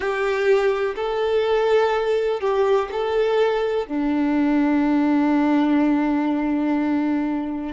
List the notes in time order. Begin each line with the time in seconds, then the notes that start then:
0.00 G4
0.95 A4
2.40 G4
2.91 A4
3.87 D4